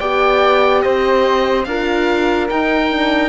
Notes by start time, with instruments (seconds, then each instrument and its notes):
0.00 cello B3, horn G4, flute D5, oboe G5
0.82 cello C4, flute C5, oboe D#5
1.64 cello D4, horn F4, flute A#4, oboe F5
2.49 cello D#4, horn D#4, oboe G5
2.91 horn D4